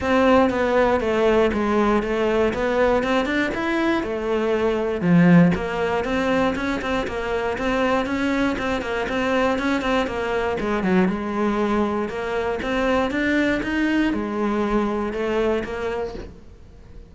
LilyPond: \new Staff \with { instrumentName = "cello" } { \time 4/4 \tempo 4 = 119 c'4 b4 a4 gis4 | a4 b4 c'8 d'8 e'4 | a2 f4 ais4 | c'4 cis'8 c'8 ais4 c'4 |
cis'4 c'8 ais8 c'4 cis'8 c'8 | ais4 gis8 fis8 gis2 | ais4 c'4 d'4 dis'4 | gis2 a4 ais4 | }